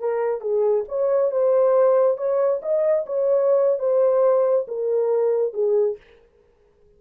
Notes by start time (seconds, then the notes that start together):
0.00 A#4
0.41 G#4
0.88 C#5
1.32 C5
2.17 C#5
2.62 D#5
3.06 C#5
3.79 C5
4.68 A#4
5.54 G#4